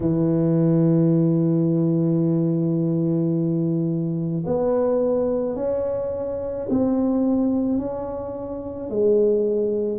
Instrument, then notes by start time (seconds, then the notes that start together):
tuba
0.00 E3
4.45 B3
5.55 C#4
6.69 C4
7.78 C#4
8.89 G#3